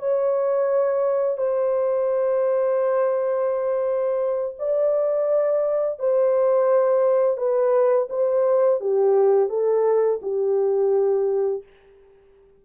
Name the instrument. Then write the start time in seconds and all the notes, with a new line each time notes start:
horn
0.00 C#5
1.38 C5
4.59 D5
6.00 C5
7.38 B4
8.10 C5
8.81 G4
9.50 A4
10.23 G4